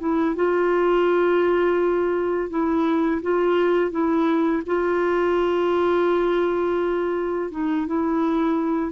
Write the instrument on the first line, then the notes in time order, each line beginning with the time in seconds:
clarinet
0.00 E4
0.36 F4
2.50 E4
3.22 F4
3.91 E4
4.66 F4
7.51 D#4
7.87 E4